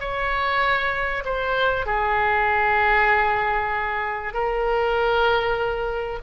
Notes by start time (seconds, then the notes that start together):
0.00 C#5
1.25 C5
1.86 G#4
4.34 A#4